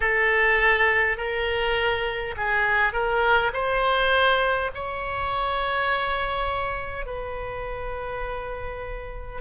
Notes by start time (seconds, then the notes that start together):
0.00 A4
1.17 A#4
2.36 G#4
2.93 A#4
3.53 C5
4.74 C#5
7.06 B4